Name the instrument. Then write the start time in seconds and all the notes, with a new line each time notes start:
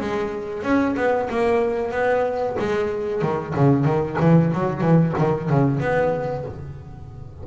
double bass
0.00 G#3
0.63 C#4
0.96 B3
1.29 A#3
1.92 B3
2.59 G#3
3.22 D#3
3.55 C#3
3.85 D#3
4.21 E3
4.53 F#3
4.81 E3
5.18 D#3
5.50 C#3
5.80 B3